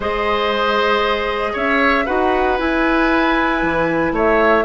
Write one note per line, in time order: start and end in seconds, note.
0.00 1.53 G#3
0.00 2.06 G#4
0.00 1.52 C5
0.00 1.56 D#5
1.53 2.07 C#4
1.53 2.04 C#5
1.53 2.06 E5
2.05 2.59 D#4
2.05 2.58 F#4
2.05 4.12 B4
2.05 2.58 F#5
2.58 4.64 E4
2.58 3.62 E4
2.58 4.14 G#5
3.62 4.12 E3
4.12 4.63 A3
4.12 4.64 C#5
4.12 4.64 E5